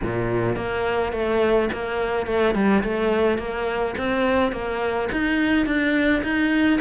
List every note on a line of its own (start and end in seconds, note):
0.02 0.56 A#2
0.56 1.12 A#3
1.12 1.69 A3
1.73 2.26 A#3
2.26 2.54 A3
2.54 2.83 G3
2.83 3.38 A3
3.38 3.94 A#3
3.97 4.52 C4
4.52 5.08 A#3
5.12 5.66 D#4
5.66 6.22 D4
6.23 6.79 D#4